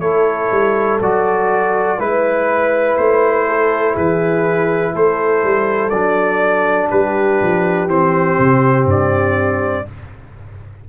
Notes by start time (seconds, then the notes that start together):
0.00 A3 E4 A4 C#5
0.51 G3
1.00 F#3 F#4 D5
1.98 G#3 E4 B4
2.97 A3 C5
3.47 A4
3.93 E3 G#4 B4
4.94 A3 A4 C5
5.43 G3
5.89 F#3 D4 D5
6.90 G3 G4 B4
7.41 F3
7.86 E3 C4 C5
8.39 C3
8.85 G2 D5